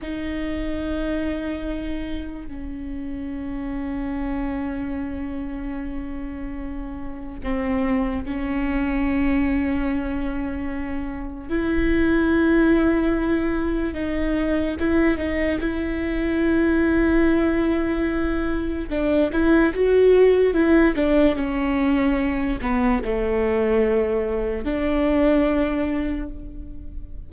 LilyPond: \new Staff \with { instrumentName = "viola" } { \time 4/4 \tempo 4 = 73 dis'2. cis'4~ | cis'1~ | cis'4 c'4 cis'2~ | cis'2 e'2~ |
e'4 dis'4 e'8 dis'8 e'4~ | e'2. d'8 e'8 | fis'4 e'8 d'8 cis'4. b8 | a2 d'2 | }